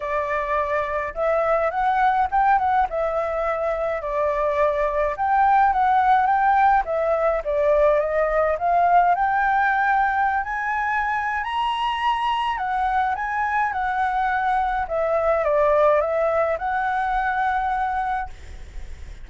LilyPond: \new Staff \with { instrumentName = "flute" } { \time 4/4 \tempo 4 = 105 d''2 e''4 fis''4 | g''8 fis''8 e''2 d''4~ | d''4 g''4 fis''4 g''4 | e''4 d''4 dis''4 f''4 |
g''2~ g''16 gis''4.~ gis''16 | ais''2 fis''4 gis''4 | fis''2 e''4 d''4 | e''4 fis''2. | }